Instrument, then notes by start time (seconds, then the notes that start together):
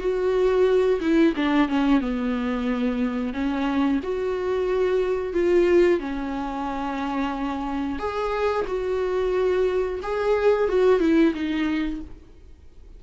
viola
0.00 F#4
1.01 E4
1.36 D4
1.69 C#4
2.01 B3
3.34 C#4
4.03 F#4
5.33 F4
6.00 C#4
7.99 G#4
8.67 F#4
10.03 G#4
10.69 F#4
11.00 E4
11.34 D#4